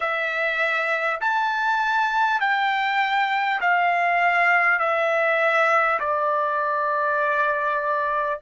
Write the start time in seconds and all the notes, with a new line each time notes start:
0.00 E5
1.20 A5
2.40 G5
3.60 F5
4.79 E5
5.99 D5